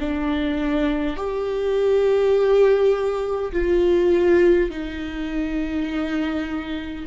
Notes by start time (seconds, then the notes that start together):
0.00 D4
1.17 G4
3.52 F4
4.70 D#4